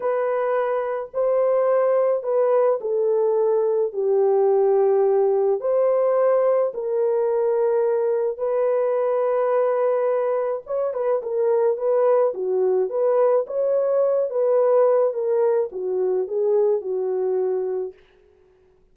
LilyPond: \new Staff \with { instrumentName = "horn" } { \time 4/4 \tempo 4 = 107 b'2 c''2 | b'4 a'2 g'4~ | g'2 c''2 | ais'2. b'4~ |
b'2. cis''8 b'8 | ais'4 b'4 fis'4 b'4 | cis''4. b'4. ais'4 | fis'4 gis'4 fis'2 | }